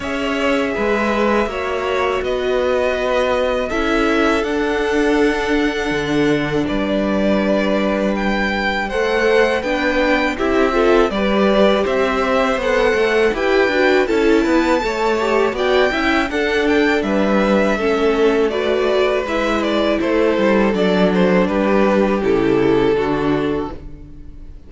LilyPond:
<<
  \new Staff \with { instrumentName = "violin" } { \time 4/4 \tempo 4 = 81 e''2. dis''4~ | dis''4 e''4 fis''2~ | fis''4 d''2 g''4 | fis''4 g''4 e''4 d''4 |
e''4 fis''4 g''4 a''4~ | a''4 g''4 fis''8 g''8 e''4~ | e''4 d''4 e''8 d''8 c''4 | d''8 c''8 b'4 a'2 | }
  \new Staff \with { instrumentName = "violin" } { \time 4/4 cis''4 b'4 cis''4 b'4~ | b'4 a'2.~ | a'4 b'2. | c''4 b'4 g'8 a'8 b'4 |
c''2 b'4 a'8 b'8 | cis''4 d''8 e''8 a'4 b'4 | a'4 b'2 a'4~ | a'4 g'2 fis'4 | }
  \new Staff \with { instrumentName = "viola" } { \time 4/4 gis'2 fis'2~ | fis'4 e'4 d'2~ | d'1 | a'4 d'4 e'8 f'8 g'4~ |
g'4 a'4 g'8 fis'8 e'4 | a'8 g'8 fis'8 e'8 d'2 | cis'4 fis'4 e'2 | d'2 e'4 d'4 | }
  \new Staff \with { instrumentName = "cello" } { \time 4/4 cis'4 gis4 ais4 b4~ | b4 cis'4 d'2 | d4 g2. | a4 b4 c'4 g4 |
c'4 b8 a8 e'8 d'8 cis'8 b8 | a4 b8 cis'8 d'4 g4 | a2 gis4 a8 g8 | fis4 g4 cis4 d4 | }
>>